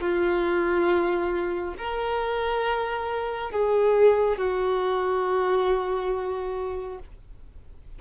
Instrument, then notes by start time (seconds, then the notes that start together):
violin
0.00 F4
1.78 A#4
3.51 G#4
4.38 F#4